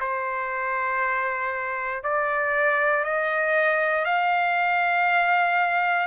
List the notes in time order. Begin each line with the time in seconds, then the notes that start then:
0.00 C5
2.03 D5
3.04 D#5
4.05 F5